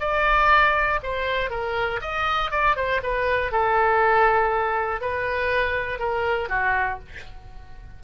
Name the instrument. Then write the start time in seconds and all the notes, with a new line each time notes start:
oboe
0.00 D5
1.03 C5
1.50 A#4
2.02 D#5
2.51 D5
2.76 C5
3.03 B4
3.52 A4
5.01 B4
5.99 A#4
6.49 F#4